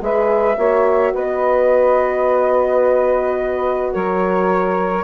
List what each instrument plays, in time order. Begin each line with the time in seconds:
0.00 bassoon G#3, horn G#4, saxophone B4, flute E5
0.57 bassoon A#3, horn F#4, saxophone C#5
1.13 bassoon B3, saxophone B4, flute D#5
3.93 bassoon F#3, saxophone A#4, flute C#5